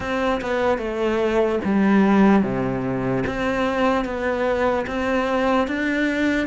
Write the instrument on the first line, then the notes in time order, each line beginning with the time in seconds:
cello
0.00 C4
0.41 B3
0.78 A3
1.64 G3
2.43 C3
3.26 C4
4.04 B3
4.86 C4
5.67 D4